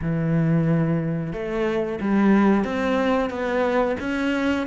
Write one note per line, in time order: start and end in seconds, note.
0.01 1.32 E3
1.32 1.99 A3
2.00 2.64 G3
2.64 3.29 C4
3.29 3.96 B3
4.00 4.66 C#4